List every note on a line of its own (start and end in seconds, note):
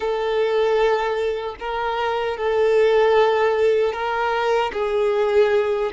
0.00 1.55 A4
1.59 2.37 A#4
2.37 3.93 A4
3.93 4.72 A#4
4.72 5.91 G#4